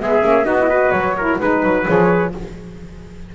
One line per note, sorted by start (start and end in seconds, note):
0.00 0.23 G#3
0.00 0.23 B3
0.00 0.46 G#4
0.00 0.45 E5
0.23 0.45 A#3
0.23 0.45 C#4
0.45 0.92 B3
0.45 0.57 D#4
0.45 0.69 F#4
0.45 0.91 D#5
0.59 0.69 E4
0.69 1.16 F#4
0.69 1.16 B4
0.91 1.39 F#3
0.91 1.38 C#5
1.17 1.40 E4
1.17 1.41 A#4
1.39 1.63 G#3
1.39 1.87 D#4
1.39 1.86 B4
1.39 2.34 B4
1.63 1.86 F#3
1.87 2.35 F3
1.87 2.33 G#4
1.87 2.34 C#5